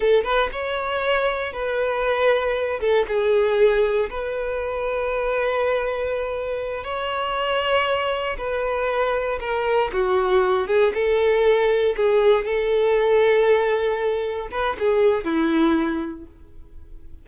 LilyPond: \new Staff \with { instrumentName = "violin" } { \time 4/4 \tempo 4 = 118 a'8 b'8 cis''2 b'4~ | b'4. a'8 gis'2 | b'1~ | b'4. cis''2~ cis''8~ |
cis''8 b'2 ais'4 fis'8~ | fis'4 gis'8 a'2 gis'8~ | gis'8 a'2.~ a'8~ | a'8 b'8 gis'4 e'2 | }